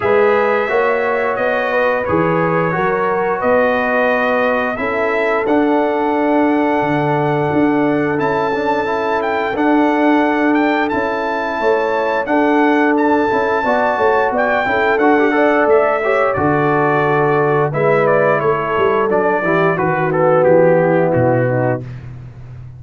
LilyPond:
<<
  \new Staff \with { instrumentName = "trumpet" } { \time 4/4 \tempo 4 = 88 e''2 dis''4 cis''4~ | cis''4 dis''2 e''4 | fis''1 | a''4. g''8 fis''4. g''8 |
a''2 fis''4 a''4~ | a''4 g''4 fis''4 e''4 | d''2 e''8 d''8 cis''4 | d''4 b'8 a'8 g'4 fis'4 | }
  \new Staff \with { instrumentName = "horn" } { \time 4/4 b'4 cis''4. b'4. | ais'4 b'2 a'4~ | a'1~ | a'1~ |
a'4 cis''4 a'2 | d''8 cis''8 d''8 a'4 d''4 cis''8 | a'2 b'4 a'4~ | a'8 g'8 fis'4. e'4 dis'8 | }
  \new Staff \with { instrumentName = "trombone" } { \time 4/4 gis'4 fis'2 gis'4 | fis'2. e'4 | d'1 | e'8 d'8 e'4 d'2 |
e'2 d'4. e'8 | fis'4. e'8 fis'16 g'16 a'4 g'8 | fis'2 e'2 | d'8 e'8 fis'8 b2~ b8 | }
  \new Staff \with { instrumentName = "tuba" } { \time 4/4 gis4 ais4 b4 e4 | fis4 b2 cis'4 | d'2 d4 d'4 | cis'2 d'2 |
cis'4 a4 d'4. cis'8 | b8 a8 b8 cis'8 d'4 a4 | d2 gis4 a8 g8 | fis8 e8 dis4 e4 b,4 | }
>>